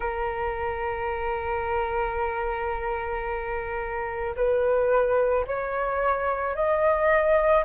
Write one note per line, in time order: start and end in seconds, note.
0.00 4.35 A#4
4.36 5.45 B4
5.46 6.55 C#5
6.55 7.64 D#5